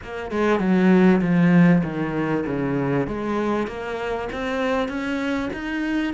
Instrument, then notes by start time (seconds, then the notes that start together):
cello
0.03 A#3
0.31 G#3
0.59 F#3
1.21 F3
1.83 D#3
2.46 C#3
3.07 G#3
3.67 A#3
4.32 C4
4.88 C#4
5.53 D#4